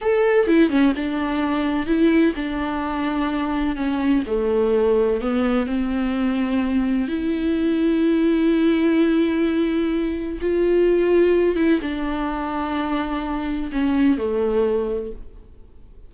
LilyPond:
\new Staff \with { instrumentName = "viola" } { \time 4/4 \tempo 4 = 127 a'4 e'8 cis'8 d'2 | e'4 d'2. | cis'4 a2 b4 | c'2. e'4~ |
e'1~ | e'2 f'2~ | f'8 e'8 d'2.~ | d'4 cis'4 a2 | }